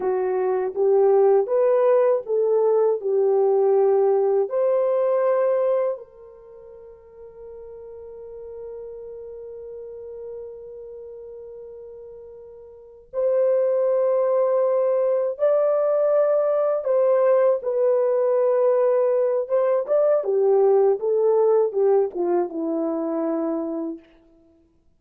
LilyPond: \new Staff \with { instrumentName = "horn" } { \time 4/4 \tempo 4 = 80 fis'4 g'4 b'4 a'4 | g'2 c''2 | ais'1~ | ais'1~ |
ais'4. c''2~ c''8~ | c''8 d''2 c''4 b'8~ | b'2 c''8 d''8 g'4 | a'4 g'8 f'8 e'2 | }